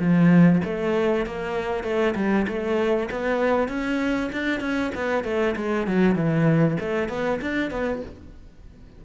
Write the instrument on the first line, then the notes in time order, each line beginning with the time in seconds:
cello
0.00 F3
0.65 A3
1.27 A#3
1.84 A3
2.16 G3
2.48 A3
3.11 B3
3.69 C#4
4.33 D4
4.61 C#4
4.95 B3
5.24 A3
5.56 G#3
5.87 F#3
6.16 E3
6.80 A3
7.09 B3
7.41 D4
7.71 B3